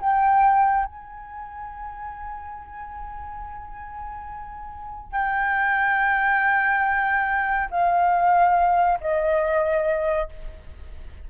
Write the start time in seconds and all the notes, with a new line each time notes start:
0.00 G5
0.85 G#5
5.12 G5
7.71 F5
9.00 D#5